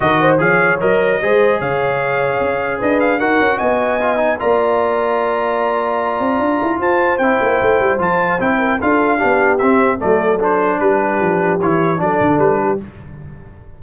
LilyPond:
<<
  \new Staff \with { instrumentName = "trumpet" } { \time 4/4 \tempo 4 = 150 dis''4 f''4 dis''2 | f''2. dis''8 f''8 | fis''4 gis''2 ais''4~ | ais''1~ |
ais''4 a''4 g''2 | a''4 g''4 f''2 | e''4 d''4 c''4 b'4~ | b'4 cis''4 d''4 b'4 | }
  \new Staff \with { instrumentName = "horn" } { \time 4/4 ais'8 c''8 cis''2 c''4 | cis''2. b'4 | ais'4 dis''2 d''4~ | d''1~ |
d''4 c''2.~ | c''4. ais'8 a'4 g'4~ | g'4 a'2 g'4~ | g'2 a'4. g'8 | }
  \new Staff \with { instrumentName = "trombone" } { \time 4/4 fis'4 gis'4 ais'4 gis'4~ | gis'1 | fis'2 f'8 dis'8 f'4~ | f'1~ |
f'2 e'2 | f'4 e'4 f'4 d'4 | c'4 a4 d'2~ | d'4 e'4 d'2 | }
  \new Staff \with { instrumentName = "tuba" } { \time 4/4 dis4 f4 fis4 gis4 | cis2 cis'4 d'4 | dis'8 cis'8 b2 ais4~ | ais2.~ ais8 c'8 |
d'8 e'8 f'4 c'8 ais8 a8 g8 | f4 c'4 d'4 b4 | c'4 fis2 g4 | f4 e4 fis8 d8 g4 | }
>>